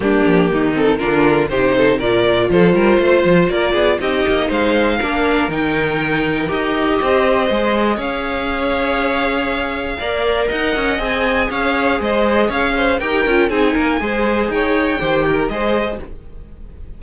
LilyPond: <<
  \new Staff \with { instrumentName = "violin" } { \time 4/4 \tempo 4 = 120 g'4. a'8 ais'4 c''4 | d''4 c''2 d''4 | dis''4 f''2 g''4~ | g''4 dis''2. |
f''1~ | f''4 fis''4 gis''4 f''4 | dis''4 f''4 g''4 gis''4~ | gis''4 g''2 dis''4 | }
  \new Staff \with { instrumentName = "violin" } { \time 4/4 d'4 dis'4 f'4 g'8 a'8 | ais'4 a'8 ais'8 c''4 ais'8 gis'8 | g'4 c''4 ais'2~ | ais'2 c''2 |
cis''1 | d''4 dis''2 cis''4 | c''4 cis''8 c''8 ais'4 gis'8 ais'8 | c''4 cis''4 c''8 ais'8 c''4 | }
  \new Staff \with { instrumentName = "viola" } { \time 4/4 ais4. c'8 d'4 dis'4 | f'1 | dis'2 d'4 dis'4~ | dis'4 g'2 gis'4~ |
gis'1 | ais'2 gis'2~ | gis'2 g'8 f'8 dis'4 | gis'2 g'4 gis'4 | }
  \new Staff \with { instrumentName = "cello" } { \time 4/4 g8 f8 dis4 d4 c4 | ais,4 f8 g8 a8 f8 ais8 b8 | c'8 ais8 gis4 ais4 dis4~ | dis4 dis'4 c'4 gis4 |
cis'1 | ais4 dis'8 cis'8 c'4 cis'4 | gis4 cis'4 dis'8 cis'8 c'8 ais8 | gis4 dis'4 dis4 gis4 | }
>>